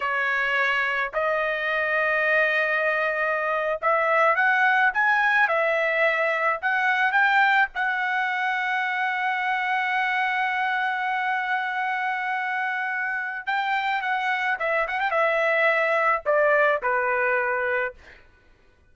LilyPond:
\new Staff \with { instrumentName = "trumpet" } { \time 4/4 \tempo 4 = 107 cis''2 dis''2~ | dis''2~ dis''8. e''4 fis''16~ | fis''8. gis''4 e''2 fis''16~ | fis''8. g''4 fis''2~ fis''16~ |
fis''1~ | fis''1 | g''4 fis''4 e''8 fis''16 g''16 e''4~ | e''4 d''4 b'2 | }